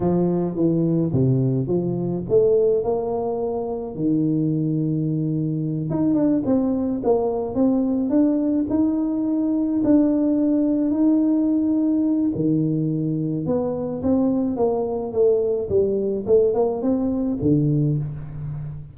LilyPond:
\new Staff \with { instrumentName = "tuba" } { \time 4/4 \tempo 4 = 107 f4 e4 c4 f4 | a4 ais2 dis4~ | dis2~ dis8 dis'8 d'8 c'8~ | c'8 ais4 c'4 d'4 dis'8~ |
dis'4. d'2 dis'8~ | dis'2 dis2 | b4 c'4 ais4 a4 | g4 a8 ais8 c'4 d4 | }